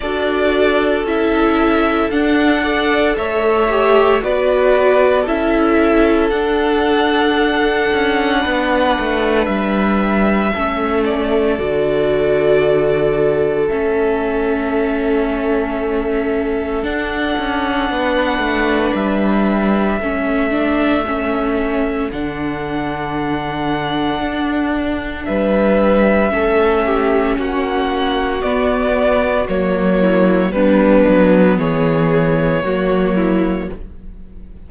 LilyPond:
<<
  \new Staff \with { instrumentName = "violin" } { \time 4/4 \tempo 4 = 57 d''4 e''4 fis''4 e''4 | d''4 e''4 fis''2~ | fis''4 e''4. d''4.~ | d''4 e''2. |
fis''2 e''2~ | e''4 fis''2. | e''2 fis''4 d''4 | cis''4 b'4 cis''2 | }
  \new Staff \with { instrumentName = "violin" } { \time 4/4 a'2~ a'8 d''8 cis''4 | b'4 a'2. | b'2 a'2~ | a'1~ |
a'4 b'2 a'4~ | a'1 | b'4 a'8 g'8 fis'2~ | fis'8 e'8 d'4 gis'4 fis'8 e'8 | }
  \new Staff \with { instrumentName = "viola" } { \time 4/4 fis'4 e'4 d'8 a'4 g'8 | fis'4 e'4 d'2~ | d'2 cis'4 fis'4~ | fis'4 cis'2. |
d'2. cis'8 d'8 | cis'4 d'2.~ | d'4 cis'2 b4 | ais4 b2 ais4 | }
  \new Staff \with { instrumentName = "cello" } { \time 4/4 d'4 cis'4 d'4 a4 | b4 cis'4 d'4. cis'8 | b8 a8 g4 a4 d4~ | d4 a2. |
d'8 cis'8 b8 a8 g4 a4~ | a4 d2 d'4 | g4 a4 ais4 b4 | fis4 g8 fis8 e4 fis4 | }
>>